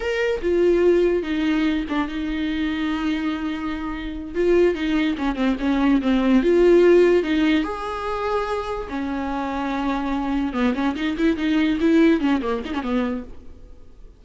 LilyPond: \new Staff \with { instrumentName = "viola" } { \time 4/4 \tempo 4 = 145 ais'4 f'2 dis'4~ | dis'8 d'8 dis'2.~ | dis'2~ dis'8 f'4 dis'8~ | dis'8 cis'8 c'8 cis'4 c'4 f'8~ |
f'4. dis'4 gis'4.~ | gis'4. cis'2~ cis'8~ | cis'4. b8 cis'8 dis'8 e'8 dis'8~ | dis'8 e'4 cis'8 ais8 dis'16 cis'16 b4 | }